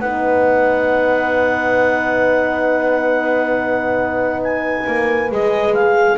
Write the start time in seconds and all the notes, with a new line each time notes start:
0.00 B3 D#4 B4 F#5
4.43 G#5
4.87 A#3
5.30 G#3 G#4 D#5
5.74 F5